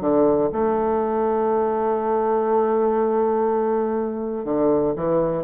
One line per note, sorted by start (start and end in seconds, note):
0.00 0.49 D3
0.52 4.44 A3
4.44 4.94 D3
4.95 5.44 E3